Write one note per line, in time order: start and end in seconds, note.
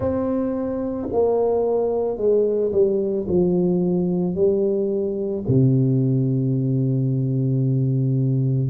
0.00 1.08 C4
1.12 2.17 A#3
2.17 2.71 G#3
2.72 3.26 G3
3.27 4.34 F3
4.34 5.43 G3
5.47 8.70 C3